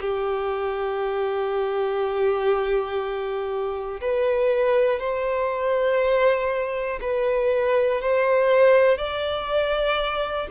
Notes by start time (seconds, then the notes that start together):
0.00 G4
4.00 B4
5.00 C5
7.01 B4
8.01 C5
8.97 D5